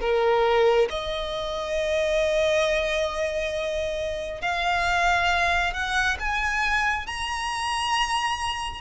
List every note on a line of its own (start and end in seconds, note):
0.00 0.88 A#4
0.89 4.41 D#5
4.41 5.73 F5
5.73 6.17 F#5
6.19 7.07 G#5
7.07 8.81 A#5